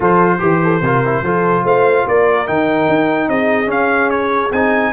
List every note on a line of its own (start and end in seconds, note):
0.00 0.39 F3
0.00 0.39 F4
0.00 0.40 A4
0.00 1.66 C5
0.39 0.81 E3
0.39 0.80 G4
0.39 0.62 G4
0.63 0.83 A4
0.81 1.22 C3
0.81 1.05 F4
0.81 1.24 A#4
1.05 1.24 E4
1.22 1.63 F3
1.22 2.46 F4
1.22 1.64 A4
1.63 2.04 A3
1.63 2.05 C5
1.63 2.07 F5
2.05 2.48 A#3
2.05 3.28 A#4
2.05 2.47 D5
2.46 2.88 D#3
2.46 3.66 D#4
2.46 3.29 G5
2.88 3.28 D#4
3.28 3.67 C4
3.28 4.92 G#4
3.28 3.70 D#5
3.66 4.48 C#4
3.66 4.49 C#4
3.66 4.09 F5
4.09 4.51 C#5
4.52 4.92 C4
4.52 4.92 D#4
4.52 4.92 G#5